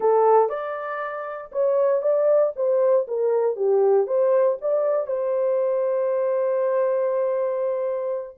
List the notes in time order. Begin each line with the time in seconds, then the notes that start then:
0.00 A4
0.49 D5
1.52 C#5
2.02 D5
2.55 C5
3.07 A#4
3.55 G4
4.06 C5
4.61 D5
5.06 C5